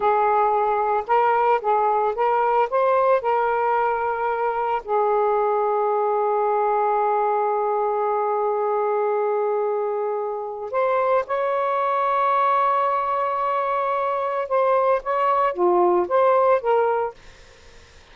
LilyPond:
\new Staff \with { instrumentName = "saxophone" } { \time 4/4 \tempo 4 = 112 gis'2 ais'4 gis'4 | ais'4 c''4 ais'2~ | ais'4 gis'2.~ | gis'1~ |
gis'1 | c''4 cis''2.~ | cis''2. c''4 | cis''4 f'4 c''4 ais'4 | }